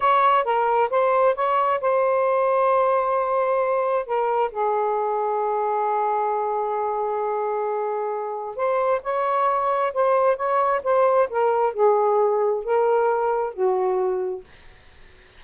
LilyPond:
\new Staff \with { instrumentName = "saxophone" } { \time 4/4 \tempo 4 = 133 cis''4 ais'4 c''4 cis''4 | c''1~ | c''4 ais'4 gis'2~ | gis'1~ |
gis'2. c''4 | cis''2 c''4 cis''4 | c''4 ais'4 gis'2 | ais'2 fis'2 | }